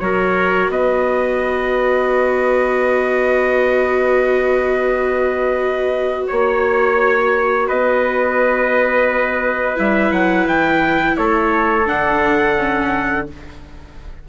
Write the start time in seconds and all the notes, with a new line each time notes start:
0.00 F#3 F#4 A#4 C#5
0.69 B3 B4 D#5
6.28 A#3 C#5
7.68 B3 B4 D#5
9.76 G3 E4 E5
10.11 F#3 F#5
10.46 E3 G5
11.17 A3 A4 C#5
11.85 D3 D4 F#5
12.58 C#4